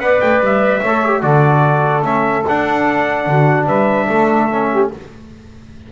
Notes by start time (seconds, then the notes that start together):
0.00 B3 B4 D5 F#5
0.21 A3 G5
0.40 G3 E5
0.80 A3 A4 C#5
1.06 G4
1.22 D3 F#4 A4 D5
2.02 A3 C#4 E5
2.48 D4 F#5
3.27 D3 F#4
3.66 G3 B4 E5
4.07 A3 A4
4.51 C#4
4.72 G4